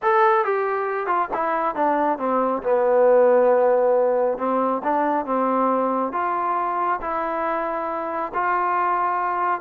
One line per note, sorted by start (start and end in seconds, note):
0.02 0.44 A4
0.44 1.06 G4
1.06 1.28 F4
1.33 1.75 E4
1.75 2.18 D4
2.18 2.62 C4
2.62 4.38 B3
4.38 4.82 C4
4.83 5.25 D4
5.25 6.12 C4
6.12 7.00 F4
7.01 8.32 E4
8.34 9.61 F4